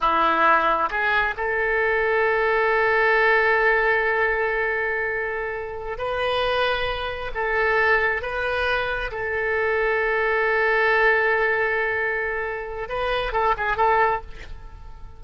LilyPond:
\new Staff \with { instrumentName = "oboe" } { \time 4/4 \tempo 4 = 135 e'2 gis'4 a'4~ | a'1~ | a'1~ | a'4. b'2~ b'8~ |
b'8 a'2 b'4.~ | b'8 a'2.~ a'8~ | a'1~ | a'4 b'4 a'8 gis'8 a'4 | }